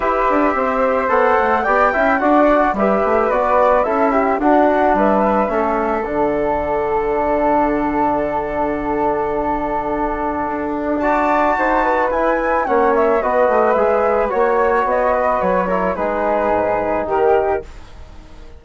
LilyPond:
<<
  \new Staff \with { instrumentName = "flute" } { \time 4/4 \tempo 4 = 109 e''2 fis''4 g''4 | fis''4 e''4 d''4 e''4 | fis''4 e''2 fis''4~ | fis''1~ |
fis''1 | a''2 gis''4 fis''8 e''8 | dis''4 e''4 cis''4 dis''4 | cis''4 b'2 ais'4 | }
  \new Staff \with { instrumentName = "flute" } { \time 4/4 b'4 c''2 d''8 e''8 | d''4 b'2 a'8 g'8 | fis'4 b'4 a'2~ | a'1~ |
a'1 | d''4 c''8 b'4. cis''4 | b'2 cis''4. b'8~ | b'8 ais'8 gis'2 g'4 | }
  \new Staff \with { instrumentName = "trombone" } { \time 4/4 g'2 a'4 g'8 e'8 | fis'4 g'4 fis'4 e'4 | d'2 cis'4 d'4~ | d'1~ |
d'1 | fis'2 e'4 cis'4 | fis'4 gis'4 fis'2~ | fis'8 e'8 dis'2. | }
  \new Staff \with { instrumentName = "bassoon" } { \time 4/4 e'8 d'8 c'4 b8 a8 b8 cis'8 | d'4 g8 a8 b4 cis'4 | d'4 g4 a4 d4~ | d1~ |
d2. d'4~ | d'4 dis'4 e'4 ais4 | b8 a8 gis4 ais4 b4 | fis4 gis4 gis,4 dis4 | }
>>